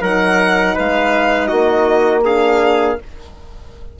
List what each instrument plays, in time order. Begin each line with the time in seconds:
0.00 bassoon F#3, horn D#4, trumpet A#4, violin F#5
0.75 bassoon G#3, trumpet B4, violin F5
1.47 bassoon A#3, trumpet F#4, violin D#5
2.24 horn D4, trumpet G#4, violin F5